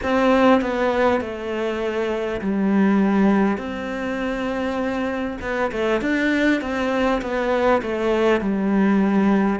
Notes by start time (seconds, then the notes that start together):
0.03 C4
0.61 B3
1.21 A3
2.41 G3
3.57 C4
5.41 B3
5.71 A3
6.01 D4
6.61 C4
7.21 B3
7.82 A3
8.41 G3